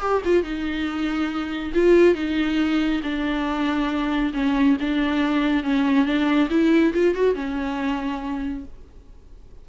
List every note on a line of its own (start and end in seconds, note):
0.00 0.22 G4
0.25 0.43 F4
0.43 1.72 D#4
1.74 2.14 F4
2.14 3.01 D#4
3.03 4.32 D4
4.33 4.77 C#4
4.80 5.63 D4
5.63 6.05 C#4
6.05 6.48 D4
6.50 6.93 E4
6.93 7.15 F4
7.15 7.35 F#4
7.35 8.64 C#4